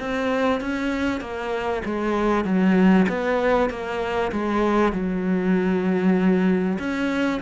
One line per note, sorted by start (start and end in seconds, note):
0.00 0.61 C4
0.61 1.21 C#4
1.21 1.83 A#3
1.85 2.45 G#3
2.45 3.07 F#3
3.09 3.70 B3
3.70 4.32 A#3
4.32 4.93 G#3
4.93 6.79 F#3
6.80 7.41 C#4